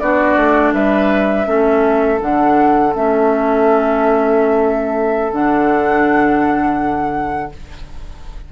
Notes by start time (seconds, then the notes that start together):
0.00 B3 D4 F#4 D5
0.37 A3
0.73 G3 B4 E5
1.46 A3 C#4 A4
2.20 D3 D4 F#5
2.95 A3 C#4 E5
5.32 D3 D4 F#5